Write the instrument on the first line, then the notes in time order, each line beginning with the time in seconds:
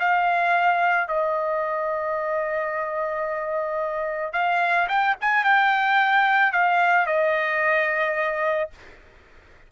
trumpet
0.00 F5
1.08 D#5
4.33 F5
4.89 G5
5.21 G#5
5.44 G5
6.53 F5
7.07 D#5